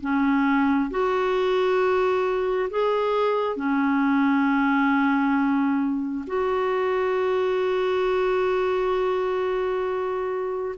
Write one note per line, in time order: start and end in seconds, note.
0.00 0.90 C#4
0.90 2.69 F#4
2.69 3.56 G#4
3.56 6.24 C#4
6.27 10.75 F#4